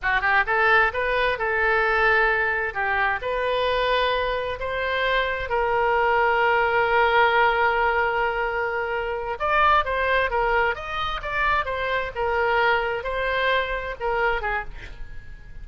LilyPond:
\new Staff \with { instrumentName = "oboe" } { \time 4/4 \tempo 4 = 131 fis'8 g'8 a'4 b'4 a'4~ | a'2 g'4 b'4~ | b'2 c''2 | ais'1~ |
ais'1~ | ais'8 d''4 c''4 ais'4 dis''8~ | dis''8 d''4 c''4 ais'4.~ | ais'8 c''2 ais'4 gis'8 | }